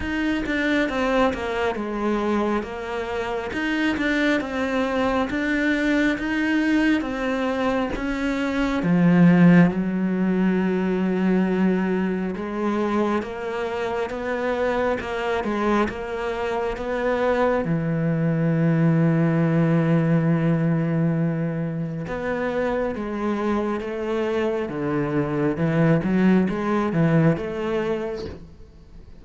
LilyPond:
\new Staff \with { instrumentName = "cello" } { \time 4/4 \tempo 4 = 68 dis'8 d'8 c'8 ais8 gis4 ais4 | dis'8 d'8 c'4 d'4 dis'4 | c'4 cis'4 f4 fis4~ | fis2 gis4 ais4 |
b4 ais8 gis8 ais4 b4 | e1~ | e4 b4 gis4 a4 | d4 e8 fis8 gis8 e8 a4 | }